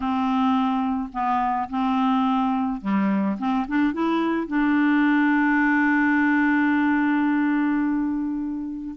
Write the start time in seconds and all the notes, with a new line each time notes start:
0.00 C4
1.12 B3
1.69 C4
2.81 G3
3.38 C4
3.68 D4
3.93 E4
4.47 D4